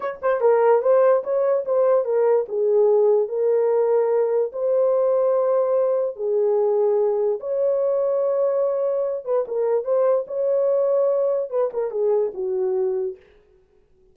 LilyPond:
\new Staff \with { instrumentName = "horn" } { \time 4/4 \tempo 4 = 146 cis''8 c''8 ais'4 c''4 cis''4 | c''4 ais'4 gis'2 | ais'2. c''4~ | c''2. gis'4~ |
gis'2 cis''2~ | cis''2~ cis''8 b'8 ais'4 | c''4 cis''2. | b'8 ais'8 gis'4 fis'2 | }